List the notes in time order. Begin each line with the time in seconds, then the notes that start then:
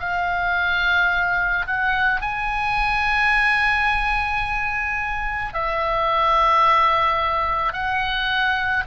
0.00 F5
1.67 F#5
2.21 G#5
5.54 E5
7.73 F#5